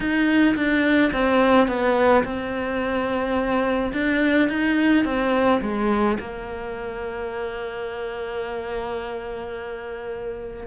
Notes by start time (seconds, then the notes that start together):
0.00 D#4
0.56 D4
1.12 C4
1.67 B3
2.24 C4
3.92 D4
4.48 D#4
5.04 C4
5.61 G#3
6.19 A#3